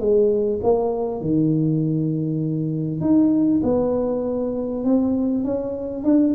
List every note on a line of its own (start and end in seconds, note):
0.00 0.61 G#3
0.63 1.22 A#3
1.22 3.01 D#3
3.01 3.61 D#4
3.63 4.85 B3
4.85 5.45 C4
5.45 6.04 C#4
6.04 6.34 D4